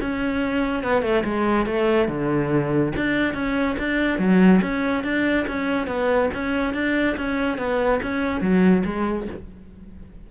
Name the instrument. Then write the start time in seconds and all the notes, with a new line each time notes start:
cello
0.00 C#4
0.83 B3
1.02 A3
1.24 G#3
1.66 A3
2.08 D3
2.96 D4
3.33 C#4
3.78 D4
4.18 F#3
4.61 C#4
5.03 D4
5.47 C#4
5.87 B3
6.33 C#4
6.74 D4
7.17 C#4
7.57 B3
8.02 C#4
8.40 F#3
8.85 G#3